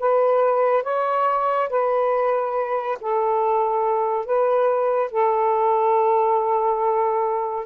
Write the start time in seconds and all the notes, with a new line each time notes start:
0.00 B4
0.84 C#5
1.70 B4
3.01 A4
4.26 B4
5.12 A4